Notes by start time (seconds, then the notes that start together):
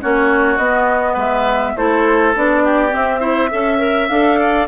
0.00 A#3 C#4 F#4 C#5
0.57 B3 D#5
1.13 G#3 B4 E5
1.76 A3 E4 A4 C5
2.34 B3 D4 D5
2.63 G4
2.89 C4 E5
3.19 E4 C5
3.50 C#4 A4 E5
3.78 A#4
4.08 D4 A4 F5
4.39 D5